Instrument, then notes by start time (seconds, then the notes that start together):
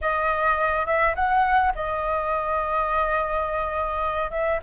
flute
0.01 D#5
0.85 E5
1.15 F#5
1.75 D#5
4.31 E5